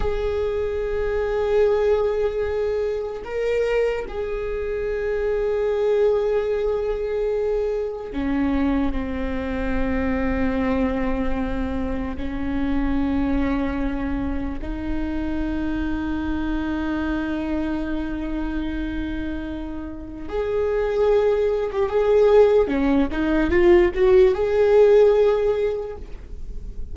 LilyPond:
\new Staff \with { instrumentName = "viola" } { \time 4/4 \tempo 4 = 74 gis'1 | ais'4 gis'2.~ | gis'2 cis'4 c'4~ | c'2. cis'4~ |
cis'2 dis'2~ | dis'1~ | dis'4 gis'4.~ gis'16 g'16 gis'4 | cis'8 dis'8 f'8 fis'8 gis'2 | }